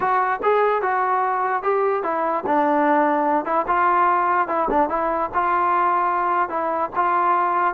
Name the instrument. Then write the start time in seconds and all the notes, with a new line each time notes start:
trombone
0.00 F#4
0.42 G#4
0.82 F#4
1.63 G4
2.03 E4
2.46 D4
3.45 E4
3.67 F4
4.48 E4
4.70 D4
4.89 E4
5.34 F4
6.49 E4
6.95 F4